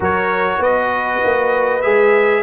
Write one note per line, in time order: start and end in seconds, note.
0.00 0.58 F#3
0.00 1.82 F#4
0.00 0.59 A#4
0.00 0.62 C#5
0.58 1.19 B3
0.58 2.43 B4
0.58 1.81 D#5
1.24 1.85 A#3
1.81 2.43 G#3
1.81 2.43 G#4
1.81 2.43 E5